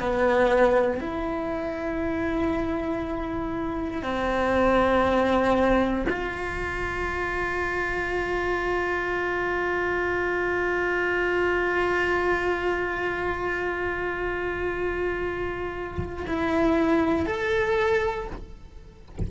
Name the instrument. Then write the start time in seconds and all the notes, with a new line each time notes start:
cello
0.00 B3
1.00 E4
4.03 C4
6.09 F4
16.27 E4
17.26 A4